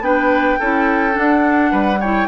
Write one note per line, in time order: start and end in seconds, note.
0.00 0.57 B3
0.00 0.59 D4
0.00 0.59 B4
0.00 1.17 G5
0.59 1.17 C#4
0.59 1.11 E4
0.59 1.71 A4
1.11 1.96 D4
1.11 1.72 D4
1.11 2.01 F#5
1.71 2.28 G3
1.71 1.99 B4
2.00 2.28 E4
2.00 2.28 C#5
2.00 2.28 G5